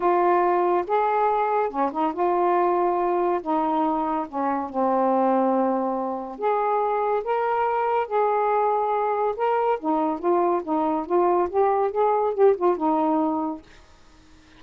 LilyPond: \new Staff \with { instrumentName = "saxophone" } { \time 4/4 \tempo 4 = 141 f'2 gis'2 | cis'8 dis'8 f'2. | dis'2 cis'4 c'4~ | c'2. gis'4~ |
gis'4 ais'2 gis'4~ | gis'2 ais'4 dis'4 | f'4 dis'4 f'4 g'4 | gis'4 g'8 f'8 dis'2 | }